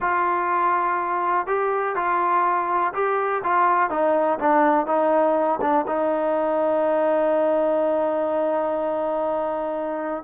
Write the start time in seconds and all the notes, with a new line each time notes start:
0.00 F4
1.46 G4
1.95 F4
2.93 G4
3.43 F4
3.90 D#4
4.39 D4
4.86 D#4
5.61 D4
5.87 D#4